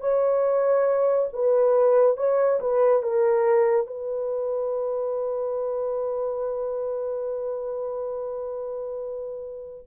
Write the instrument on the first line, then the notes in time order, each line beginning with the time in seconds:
horn
0.00 C#5
1.33 B4
2.17 C#5
2.60 B4
3.02 A#4
3.86 B4